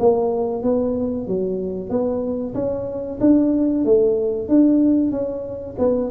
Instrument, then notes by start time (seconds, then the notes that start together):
tuba
0.00 A#3
0.63 B3
1.28 F#3
1.90 B3
2.55 C#4
3.21 D4
3.85 A3
4.49 D4
5.12 C#4
5.79 B3